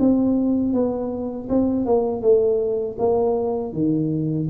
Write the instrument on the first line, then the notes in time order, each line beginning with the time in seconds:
tuba
0.00 C4
0.74 B3
1.50 C4
1.86 A#3
2.22 A3
2.99 A#3
3.73 D#3